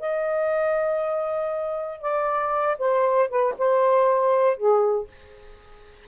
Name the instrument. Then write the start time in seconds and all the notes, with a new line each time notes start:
saxophone
0.00 D#5
2.02 D5
2.79 C5
3.29 B4
3.58 C5
4.57 G#4